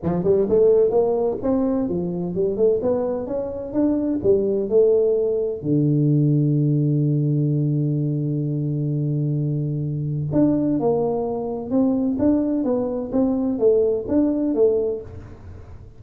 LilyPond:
\new Staff \with { instrumentName = "tuba" } { \time 4/4 \tempo 4 = 128 f8 g8 a4 ais4 c'4 | f4 g8 a8 b4 cis'4 | d'4 g4 a2 | d1~ |
d1~ | d2 d'4 ais4~ | ais4 c'4 d'4 b4 | c'4 a4 d'4 a4 | }